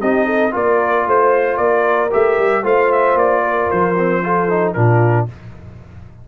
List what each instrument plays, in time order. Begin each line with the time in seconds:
0.00 tuba C4, trombone D#4, horn G4, trumpet D#5
0.25 horn A4
0.51 tuba A#3, trombone F4, horn A#4, trumpet D5
1.07 tuba A3, horn C5, trumpet C5
1.56 tuba A#3, horn A#4, trumpet D5
2.11 tuba A3, trombone G4, trumpet E5
2.38 tuba G3
2.63 tuba A3, trombone F4, horn C5, trumpet F5
2.92 trumpet E5
3.14 tuba A#3, trumpet D5
3.43 horn A#4
3.70 tuba F3, trumpet C5
3.97 trombone C4
4.23 trombone F4, horn A4
4.49 trombone D#4
4.73 tuba A#2, trombone D4, horn F4, trumpet A#4